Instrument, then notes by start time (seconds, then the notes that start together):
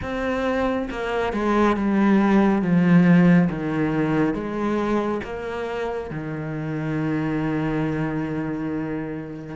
cello
0.02 C4
0.91 A#3
1.32 G#3
1.76 G3
2.62 F3
3.49 D#3
4.34 G#3
5.23 A#3
6.10 D#3